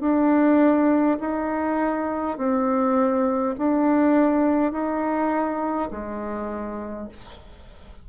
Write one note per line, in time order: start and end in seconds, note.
0.00 1.18 D4
1.20 2.37 D#4
2.37 3.55 C4
3.58 4.72 D4
4.72 5.89 D#4
5.91 7.09 G#3